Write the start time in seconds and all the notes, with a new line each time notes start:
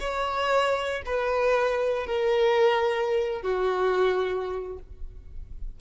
0.00 C#5
1.05 B4
2.06 A#4
3.42 F#4